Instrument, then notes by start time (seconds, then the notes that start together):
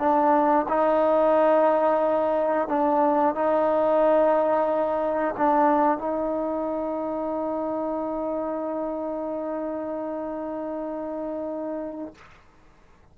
trombone
0.00 D4
0.69 D#4
2.68 D4
3.35 D#4
5.38 D4
5.98 D#4